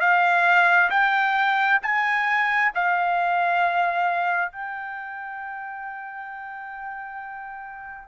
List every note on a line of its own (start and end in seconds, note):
0.00 0.90 F5
0.90 1.80 G5
1.82 2.72 G#5
2.75 4.52 F5
4.52 8.08 G5